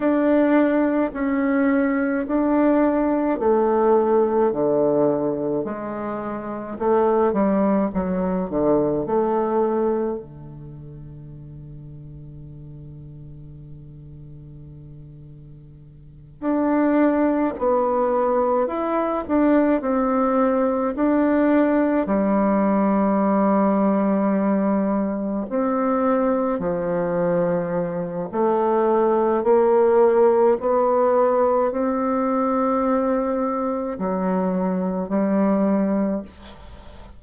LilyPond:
\new Staff \with { instrumentName = "bassoon" } { \time 4/4 \tempo 4 = 53 d'4 cis'4 d'4 a4 | d4 gis4 a8 g8 fis8 d8 | a4 d2.~ | d2~ d8 d'4 b8~ |
b8 e'8 d'8 c'4 d'4 g8~ | g2~ g8 c'4 f8~ | f4 a4 ais4 b4 | c'2 fis4 g4 | }